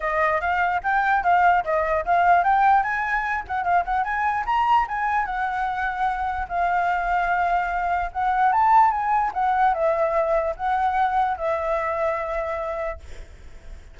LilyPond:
\new Staff \with { instrumentName = "flute" } { \time 4/4 \tempo 4 = 148 dis''4 f''4 g''4 f''4 | dis''4 f''4 g''4 gis''4~ | gis''8 fis''8 f''8 fis''8 gis''4 ais''4 | gis''4 fis''2. |
f''1 | fis''4 a''4 gis''4 fis''4 | e''2 fis''2 | e''1 | }